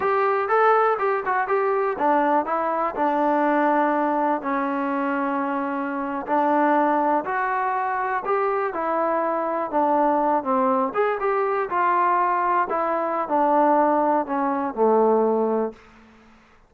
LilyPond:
\new Staff \with { instrumentName = "trombone" } { \time 4/4 \tempo 4 = 122 g'4 a'4 g'8 fis'8 g'4 | d'4 e'4 d'2~ | d'4 cis'2.~ | cis'8. d'2 fis'4~ fis'16~ |
fis'8. g'4 e'2 d'16~ | d'4~ d'16 c'4 gis'8 g'4 f'16~ | f'4.~ f'16 e'4~ e'16 d'4~ | d'4 cis'4 a2 | }